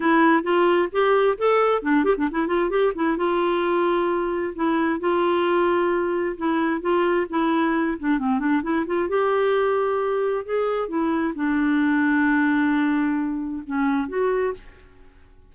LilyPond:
\new Staff \with { instrumentName = "clarinet" } { \time 4/4 \tempo 4 = 132 e'4 f'4 g'4 a'4 | d'8 g'16 d'16 e'8 f'8 g'8 e'8 f'4~ | f'2 e'4 f'4~ | f'2 e'4 f'4 |
e'4. d'8 c'8 d'8 e'8 f'8 | g'2. gis'4 | e'4 d'2.~ | d'2 cis'4 fis'4 | }